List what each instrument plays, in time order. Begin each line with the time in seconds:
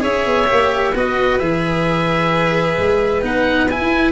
0.00 tuba C#4, cello G#4, violin C#5, oboe E5
0.25 tuba B3
0.47 tuba A#3, cello G4
0.94 tuba B3, cello F#4, violin B4, oboe D#5
1.38 tuba E3, cello G#4, oboe E5
2.77 tuba G#3
3.21 tuba B3, cello D#4, oboe F#5
3.70 cello E4, oboe G#5
3.79 tuba E4